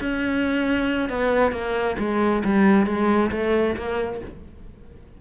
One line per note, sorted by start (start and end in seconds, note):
0.00 1.09 C#4
1.09 1.52 B3
1.52 1.96 A#3
1.98 2.43 G#3
2.44 2.86 G3
2.86 3.31 G#3
3.31 3.76 A3
3.76 4.20 A#3